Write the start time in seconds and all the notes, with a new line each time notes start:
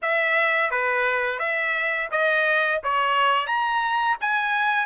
0.02 E5
0.70 B4
1.39 E5
2.11 D#5
2.83 C#5
3.47 A#5
4.20 G#5